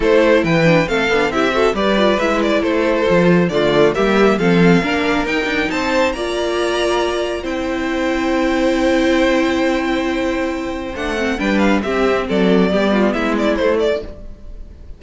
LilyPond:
<<
  \new Staff \with { instrumentName = "violin" } { \time 4/4 \tempo 4 = 137 c''4 g''4 f''4 e''4 | d''4 e''8 d''8 c''2 | d''4 e''4 f''2 | g''4 a''4 ais''2~ |
ais''4 g''2.~ | g''1~ | g''4 fis''4 g''8 f''8 e''4 | d''2 e''8 d''8 c''8 d''8 | }
  \new Staff \with { instrumentName = "violin" } { \time 4/4 a'4 b'4 a'4 g'8 a'8 | b'2 a'2 | f'4 g'4 a'4 ais'4~ | ais'4 c''4 d''2~ |
d''4 c''2.~ | c''1~ | c''2 b'4 g'4 | a'4 g'8 f'8 e'2 | }
  \new Staff \with { instrumentName = "viola" } { \time 4/4 e'4. d'8 c'8 d'8 e'8 fis'8 | g'8 f'8 e'2 f'4 | a4 ais4 c'4 d'4 | dis'2 f'2~ |
f'4 e'2.~ | e'1~ | e'4 d'8 c'8 d'4 c'4~ | c'4 b2 a4 | }
  \new Staff \with { instrumentName = "cello" } { \time 4/4 a4 e4 a8 b8 c'4 | g4 gis4 a4 f4 | d4 g4 f4 ais4 | dis'8 d'8 c'4 ais2~ |
ais4 c'2.~ | c'1~ | c'4 a4 g4 c'4 | fis4 g4 gis4 a4 | }
>>